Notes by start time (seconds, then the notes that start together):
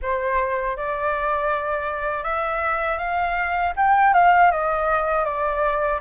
0.01 C5
0.76 D5
2.23 E5
2.98 F5
3.76 G5
4.13 F5
4.51 D#5
5.25 D5